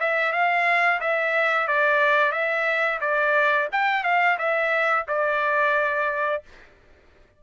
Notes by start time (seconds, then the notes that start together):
0.00 E5
0.33 F5
1.01 E5
1.68 D5
2.32 E5
3.01 D5
3.72 G5
4.04 F5
4.39 E5
5.08 D5